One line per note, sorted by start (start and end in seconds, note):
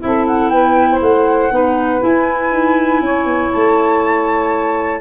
0.00 0.50 C4
0.00 1.50 E4
0.00 0.51 A4
0.00 0.26 E5
0.26 0.49 F#5
0.49 1.00 B3
0.49 0.89 B4
0.49 0.99 G5
0.90 1.52 C5
1.00 1.50 A3
1.00 2.02 F#5
1.51 2.01 B3
1.51 2.00 D#4
1.51 3.02 B4
2.00 5.00 E4
2.00 2.50 E4
2.00 3.52 G#5
2.50 3.00 D#4
3.00 3.25 C#4
3.00 5.01 C#5
3.25 3.50 B3
3.52 5.01 A3
3.52 5.01 A5